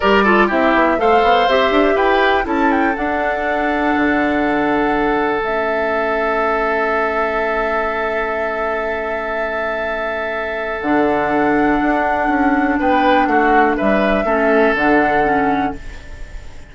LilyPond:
<<
  \new Staff \with { instrumentName = "flute" } { \time 4/4 \tempo 4 = 122 d''4 e''4 f''4 e''4 | g''4 a''8 g''8 fis''2~ | fis''2. e''4~ | e''1~ |
e''1~ | e''2 fis''2~ | fis''2 g''4 fis''4 | e''2 fis''2 | }
  \new Staff \with { instrumentName = "oboe" } { \time 4/4 ais'8 a'8 g'4 c''2 | b'4 a'2.~ | a'1~ | a'1~ |
a'1~ | a'1~ | a'2 b'4 fis'4 | b'4 a'2. | }
  \new Staff \with { instrumentName = "clarinet" } { \time 4/4 g'8 f'8 e'4 a'4 g'4~ | g'4 e'4 d'2~ | d'2. cis'4~ | cis'1~ |
cis'1~ | cis'2 d'2~ | d'1~ | d'4 cis'4 d'4 cis'4 | }
  \new Staff \with { instrumentName = "bassoon" } { \time 4/4 g4 c'8 b8 a8 b8 c'8 d'8 | e'4 cis'4 d'2 | d2. a4~ | a1~ |
a1~ | a2 d2 | d'4 cis'4 b4 a4 | g4 a4 d2 | }
>>